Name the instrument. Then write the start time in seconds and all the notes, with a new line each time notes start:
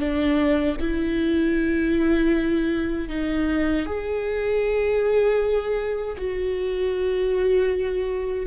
viola
0.00 D4
0.81 E4
3.09 D#4
3.86 G#4
6.18 F#4